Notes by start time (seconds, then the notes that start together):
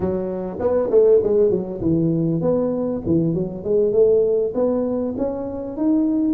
0.00 F#3
0.59 B3
0.90 A3
1.23 G#3
1.50 F#3
1.81 E3
2.41 B3
3.06 E3
3.33 F#3
3.64 G#3
3.92 A3
4.54 B3
5.17 C#4
5.76 D#4